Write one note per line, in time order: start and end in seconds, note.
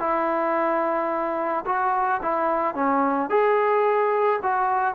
0.00 1.65 E4
1.66 2.21 F#4
2.23 2.75 E4
2.75 3.30 C#4
3.30 4.40 G#4
4.43 4.95 F#4